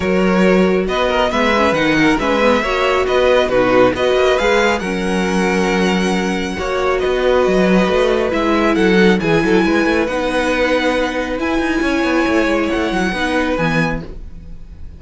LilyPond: <<
  \new Staff \with { instrumentName = "violin" } { \time 4/4 \tempo 4 = 137 cis''2 dis''4 e''4 | fis''4 e''2 dis''4 | b'4 dis''4 f''4 fis''4~ | fis''1 |
dis''2. e''4 | fis''4 gis''2 fis''4~ | fis''2 gis''2~ | gis''4 fis''2 gis''4 | }
  \new Staff \with { instrumentName = "violin" } { \time 4/4 ais'2 b'8 ais'8 b'4~ | b'8 ais'8 b'4 cis''4 b'4 | fis'4 b'2 ais'4~ | ais'2. cis''4 |
b'1 | a'4 gis'8 a'8 b'2~ | b'2. cis''4~ | cis''2 b'2 | }
  \new Staff \with { instrumentName = "viola" } { \time 4/4 fis'2. b8 cis'8 | dis'4 cis'8 b8 fis'2 | dis'4 fis'4 gis'4 cis'4~ | cis'2. fis'4~ |
fis'2. e'4~ | e'8 dis'8 e'2 dis'4~ | dis'2 e'2~ | e'2 dis'4 b4 | }
  \new Staff \with { instrumentName = "cello" } { \time 4/4 fis2 b4 gis4 | dis4 gis4 ais4 b4 | b,4 b8 ais8 gis4 fis4~ | fis2. ais4 |
b4 fis4 a4 gis4 | fis4 e8 fis8 gis8 a8 b4~ | b2 e'8 dis'8 cis'8 b8 | a8 gis8 a8 fis8 b4 e4 | }
>>